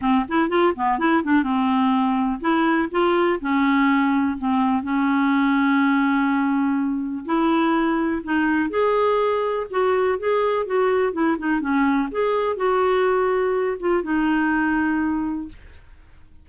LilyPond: \new Staff \with { instrumentName = "clarinet" } { \time 4/4 \tempo 4 = 124 c'8 e'8 f'8 b8 e'8 d'8 c'4~ | c'4 e'4 f'4 cis'4~ | cis'4 c'4 cis'2~ | cis'2. e'4~ |
e'4 dis'4 gis'2 | fis'4 gis'4 fis'4 e'8 dis'8 | cis'4 gis'4 fis'2~ | fis'8 f'8 dis'2. | }